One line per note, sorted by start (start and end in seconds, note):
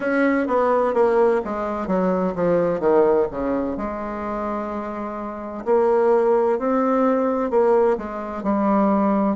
0.00 0.47 C#4
0.47 0.94 B3
0.94 1.41 A#3
1.44 1.87 G#3
1.87 2.34 F#3
2.35 2.80 F3
2.80 3.26 D#3
3.31 3.77 C#3
3.77 5.65 G#3
5.65 6.58 A#3
6.58 7.50 C4
7.50 7.97 A#3
7.97 8.43 G#3
8.43 9.36 G3